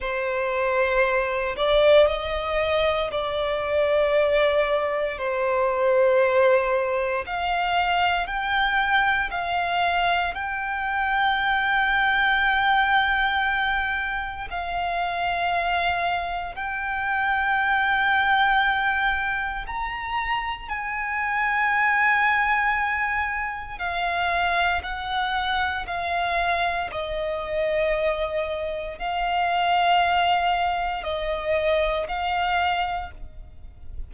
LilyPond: \new Staff \with { instrumentName = "violin" } { \time 4/4 \tempo 4 = 58 c''4. d''8 dis''4 d''4~ | d''4 c''2 f''4 | g''4 f''4 g''2~ | g''2 f''2 |
g''2. ais''4 | gis''2. f''4 | fis''4 f''4 dis''2 | f''2 dis''4 f''4 | }